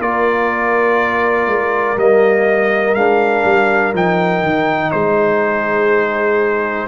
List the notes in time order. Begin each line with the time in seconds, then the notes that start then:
0.00 A#3 F4 A#4 D5
1.47 G#3
1.97 G3 A#3 D#5
2.95 G#3 D4 F5
3.45 G3
3.94 F3 D#4 G5
4.42 D#3
4.92 G#3 G#4 C5